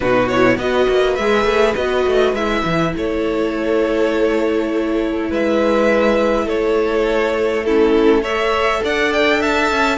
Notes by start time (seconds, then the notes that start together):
0.00 B2 D#4 F#4 B4
0.28 E4 C#5
0.56 B3 F#4 B4 D#5
0.89 A#3
1.15 G#3 G#4 E5
1.44 A3
1.75 B3 F#4 D#5
2.06 A3
2.32 G#3 E4 E5
2.64 E3
2.96 A3 A4 C#5
5.30 G#3 B4 E5
6.45 A3 A4 C#5
7.64 C#4 E4 A4
8.22 A4 C#5 E5
8.83 D4 D5 F#5
9.12 G5
9.39 E5 A5
9.71 C#4